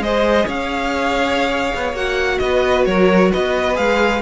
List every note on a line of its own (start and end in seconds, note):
0.00 0.45 G#3
0.00 1.96 G#4
0.00 0.46 C5
0.00 0.49 D#5
0.46 1.72 C#4
0.46 2.39 C#5
0.46 1.96 F5
1.76 1.93 B3
1.93 2.39 A#3
1.93 3.74 F#4
1.93 2.39 F#5
2.39 2.87 B3
2.39 2.88 B4
2.39 2.85 D#5
2.86 3.32 F#3
2.86 3.32 A#4
2.86 3.31 C#5
3.32 3.78 B3
3.32 4.23 B4
3.32 3.77 D#5
3.74 4.23 G#3
3.74 4.19 G#4
3.74 4.23 F5